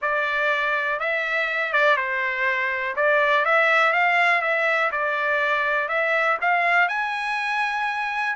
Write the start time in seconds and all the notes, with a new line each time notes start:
0.01 D5
0.99 E5
1.72 D5
1.96 C5
2.96 D5
3.45 E5
3.92 F5
4.41 E5
4.91 D5
5.88 E5
6.41 F5
6.88 G#5